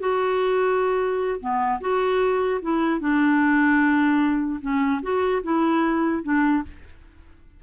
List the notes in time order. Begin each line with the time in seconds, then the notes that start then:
0.00 F#4
1.40 B3
1.81 F#4
2.62 E4
3.01 D4
4.61 C#4
5.03 F#4
5.43 E4
6.23 D4